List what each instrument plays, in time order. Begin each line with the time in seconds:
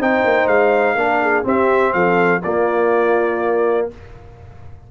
0.00 tuba C4, trombone D#4, horn C5, trumpet G5
0.25 tuba A#3
0.47 tuba G#3, trumpet F5
0.96 tuba A#3, trombone D4, horn A#4
1.23 horn G#4
1.44 trombone C4, tuba C4, horn G4, trumpet E5
1.93 tuba F3, horn A4, trumpet F5
2.43 tuba A#3, trombone A#3, horn F4, trumpet D5